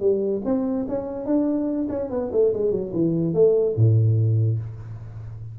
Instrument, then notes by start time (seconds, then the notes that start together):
tuba
0.00 G3
0.45 C4
0.88 C#4
1.26 D4
1.89 C#4
2.10 B3
2.32 A3
2.53 G#3
2.71 F#3
2.93 E3
3.34 A3
3.76 A2